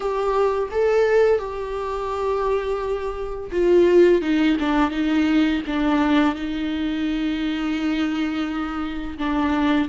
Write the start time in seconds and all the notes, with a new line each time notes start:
0.00 G4
0.71 A4
1.39 G4
3.51 F4
4.21 D#4
4.59 D4
4.91 D#4
5.66 D4
6.35 D#4
9.18 D4